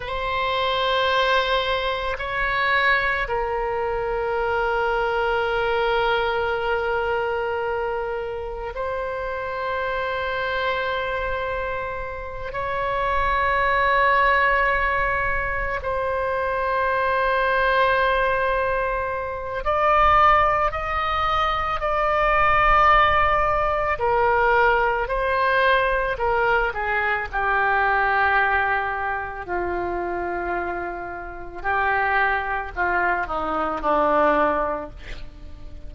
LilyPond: \new Staff \with { instrumentName = "oboe" } { \time 4/4 \tempo 4 = 55 c''2 cis''4 ais'4~ | ais'1 | c''2.~ c''8 cis''8~ | cis''2~ cis''8 c''4.~ |
c''2 d''4 dis''4 | d''2 ais'4 c''4 | ais'8 gis'8 g'2 f'4~ | f'4 g'4 f'8 dis'8 d'4 | }